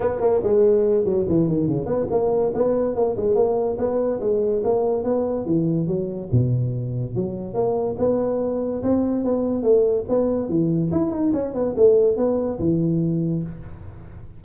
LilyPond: \new Staff \with { instrumentName = "tuba" } { \time 4/4 \tempo 4 = 143 b8 ais8 gis4. fis8 e8 dis8 | cis8 b8 ais4 b4 ais8 gis8 | ais4 b4 gis4 ais4 | b4 e4 fis4 b,4~ |
b,4 fis4 ais4 b4~ | b4 c'4 b4 a4 | b4 e4 e'8 dis'8 cis'8 b8 | a4 b4 e2 | }